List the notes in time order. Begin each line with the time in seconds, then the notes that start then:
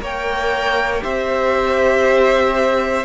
0.00 A#3 A#4 C#5 G5
1.00 C4 G4 C5 E5